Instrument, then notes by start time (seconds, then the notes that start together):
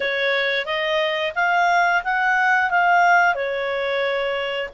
clarinet
0.00 C#5
0.65 D#5
1.35 F5
2.04 F#5
2.70 F5
3.34 C#5